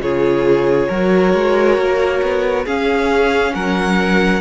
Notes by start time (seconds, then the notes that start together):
0.00 C#3 F4 G#4 C#5
0.88 F#3 F#4 A#4
1.34 G#3
1.78 A#3
2.22 B3
2.65 C#4 G#4 F5
3.55 F#3 A#4 F#5